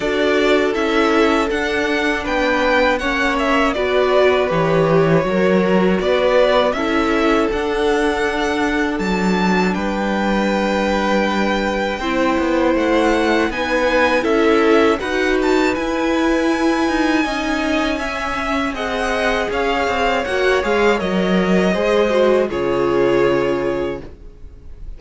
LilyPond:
<<
  \new Staff \with { instrumentName = "violin" } { \time 4/4 \tempo 4 = 80 d''4 e''4 fis''4 g''4 | fis''8 e''8 d''4 cis''2 | d''4 e''4 fis''2 | a''4 g''2.~ |
g''4 fis''4 gis''4 e''4 | fis''8 a''8 gis''2.~ | gis''4 fis''4 f''4 fis''8 f''8 | dis''2 cis''2 | }
  \new Staff \with { instrumentName = "violin" } { \time 4/4 a'2. b'4 | cis''4 b'2 ais'4 | b'4 a'2.~ | a'4 b'2. |
c''2 b'4 a'4 | b'2. dis''4 | e''4 dis''4 cis''2~ | cis''4 c''4 gis'2 | }
  \new Staff \with { instrumentName = "viola" } { \time 4/4 fis'4 e'4 d'2 | cis'4 fis'4 g'4 fis'4~ | fis'4 e'4 d'2~ | d'1 |
e'2 dis'4 e'4 | fis'4 e'2 dis'4 | cis'4 gis'2 fis'8 gis'8 | ais'4 gis'8 fis'8 f'2 | }
  \new Staff \with { instrumentName = "cello" } { \time 4/4 d'4 cis'4 d'4 b4 | ais4 b4 e4 fis4 | b4 cis'4 d'2 | fis4 g2. |
c'8 b8 a4 b4 cis'4 | dis'4 e'4. dis'8 cis'4~ | cis'4 c'4 cis'8 c'8 ais8 gis8 | fis4 gis4 cis2 | }
>>